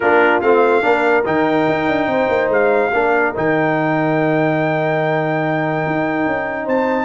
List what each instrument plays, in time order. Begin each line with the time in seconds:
0.00 tuba A#3, trombone D4, horn F4, trumpet A#4
0.41 tuba A3, trombone C4, trumpet F5
0.82 tuba A#3, trombone D4, horn A#4
1.25 tuba D#3, trombone D#4, trumpet G5
1.68 tuba D#4
1.87 tuba D4
2.06 tuba C4, horn C5
2.28 tuba A#3
2.48 tuba G#3, trumpet F5
2.92 tuba A#3, trombone D4, horn A#4
3.34 tuba D#3, trombone D#4, trumpet G5
5.86 tuba D#4
6.26 tuba C#4
6.64 tuba C4, horn C5, trumpet A5